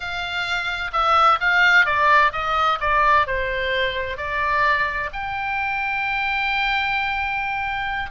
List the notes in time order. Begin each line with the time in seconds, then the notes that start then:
0.00 F5
0.92 E5
1.40 F5
1.85 D5
2.32 D#5
2.80 D5
3.27 C5
4.17 D5
5.12 G5